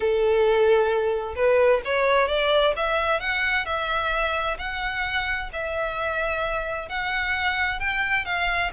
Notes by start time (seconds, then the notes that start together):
0.00 A4
1.35 B4
1.84 C#5
2.28 D5
2.76 E5
3.20 F#5
3.65 E5
4.58 F#5
5.52 E5
6.88 F#5
7.79 G5
8.25 F5